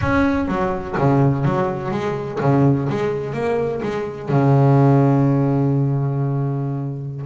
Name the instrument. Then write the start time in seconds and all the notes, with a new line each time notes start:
double bass
0.01 C#4
0.48 F#3
0.98 C#3
1.44 F#3
1.91 G#3
2.40 C#3
2.89 G#3
3.33 A#3
3.82 G#3
4.29 C#3